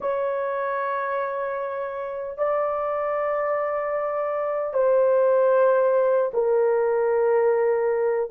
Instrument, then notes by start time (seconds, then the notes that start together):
horn
0.00 C#5
2.37 D5
4.73 C5
6.33 A#4